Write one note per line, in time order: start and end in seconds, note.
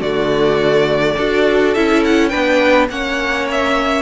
0.00 1.16 D3
0.00 1.18 A3
0.00 1.15 F#4
0.00 1.74 D5
1.16 1.75 D4
1.16 1.76 F#4
1.16 2.30 A4
1.74 2.33 C#4
1.74 2.30 E4
1.74 2.03 E5
2.04 2.28 F#5
2.28 2.89 B3
2.28 2.88 D4
2.28 2.87 B4
2.28 2.86 G5
2.89 4.02 A#3
2.89 4.02 C#4
2.89 4.02 C#5
2.89 3.47 F#5
3.51 4.02 E5